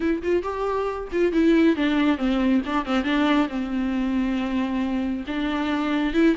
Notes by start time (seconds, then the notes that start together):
0.00 E4
0.22 F4
0.42 G4
1.12 F4
1.32 E4
1.76 D4
2.17 C4
2.65 D4
2.85 C4
3.04 D4
3.48 C4
5.27 D4
6.13 E4